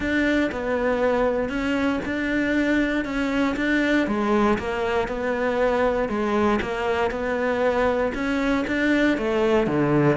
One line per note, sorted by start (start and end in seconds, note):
0.00 0.50 D4
0.51 1.49 B3
1.49 1.99 C#4
2.05 3.04 D4
3.04 3.55 C#4
3.56 4.07 D4
4.07 4.58 G#3
4.58 5.08 A#3
5.08 6.08 B3
6.08 6.59 G#3
6.61 7.10 A#3
7.10 8.12 B3
8.14 8.65 C#4
8.67 9.17 D4
9.17 9.66 A3
9.66 10.17 D3